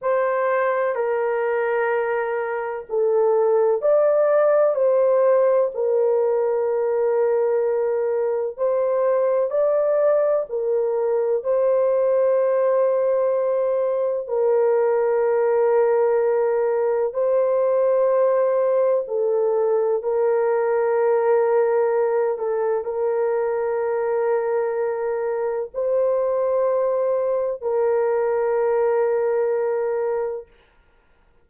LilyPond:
\new Staff \with { instrumentName = "horn" } { \time 4/4 \tempo 4 = 63 c''4 ais'2 a'4 | d''4 c''4 ais'2~ | ais'4 c''4 d''4 ais'4 | c''2. ais'4~ |
ais'2 c''2 | a'4 ais'2~ ais'8 a'8 | ais'2. c''4~ | c''4 ais'2. | }